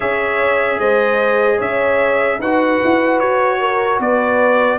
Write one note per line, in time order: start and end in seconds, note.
0.00 0.78 C#4
0.00 2.40 G#4
0.00 0.79 C#5
0.00 0.79 E5
0.78 1.58 G#3
0.78 1.57 C5
0.78 1.59 D#5
1.57 2.38 C#4
1.57 2.37 C#5
1.57 2.41 E5
2.38 2.78 D#4
2.38 4.78 F#4
2.38 3.59 B4
2.38 3.19 F#5
2.84 3.21 E4
3.19 3.99 F#4
3.19 3.99 C#5
3.59 3.99 A#4
3.99 4.78 B3
3.99 4.78 B4
3.99 4.78 D5